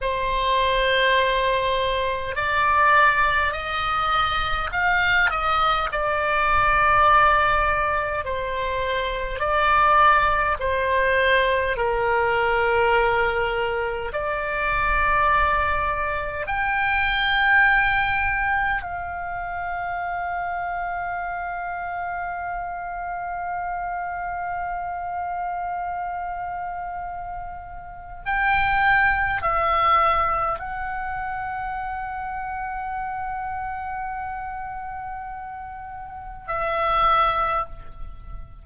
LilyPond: \new Staff \with { instrumentName = "oboe" } { \time 4/4 \tempo 4 = 51 c''2 d''4 dis''4 | f''8 dis''8 d''2 c''4 | d''4 c''4 ais'2 | d''2 g''2 |
f''1~ | f''1 | g''4 e''4 fis''2~ | fis''2. e''4 | }